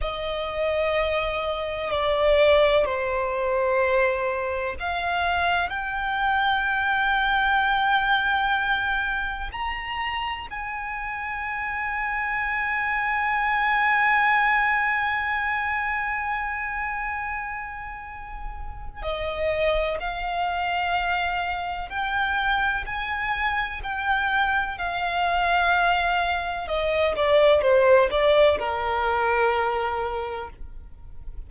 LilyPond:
\new Staff \with { instrumentName = "violin" } { \time 4/4 \tempo 4 = 63 dis''2 d''4 c''4~ | c''4 f''4 g''2~ | g''2 ais''4 gis''4~ | gis''1~ |
gis''1 | dis''4 f''2 g''4 | gis''4 g''4 f''2 | dis''8 d''8 c''8 d''8 ais'2 | }